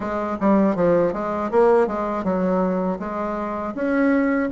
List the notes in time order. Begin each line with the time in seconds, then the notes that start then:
0.00 G#3
0.40 G3
0.75 F3
1.13 G#3
1.51 A#3
1.87 G#3
2.23 F#3
2.99 G#3
3.74 C#4